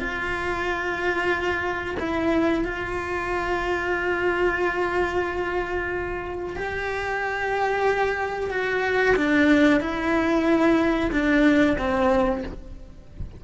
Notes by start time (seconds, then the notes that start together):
0.00 F4
2.00 E4
2.65 F4
6.56 G4
8.50 F#4
9.16 D4
9.80 E4
11.12 D4
11.78 C4